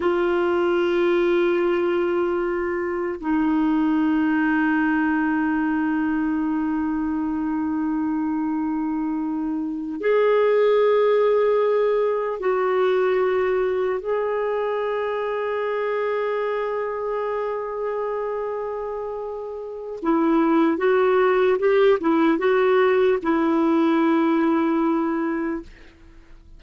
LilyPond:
\new Staff \with { instrumentName = "clarinet" } { \time 4/4 \tempo 4 = 75 f'1 | dis'1~ | dis'1~ | dis'8 gis'2. fis'8~ |
fis'4. gis'2~ gis'8~ | gis'1~ | gis'4 e'4 fis'4 g'8 e'8 | fis'4 e'2. | }